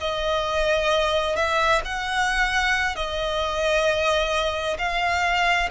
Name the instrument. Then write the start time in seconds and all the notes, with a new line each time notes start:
violin
0.00 D#5
1.36 E5
1.85 F#5
2.95 D#5
4.78 F5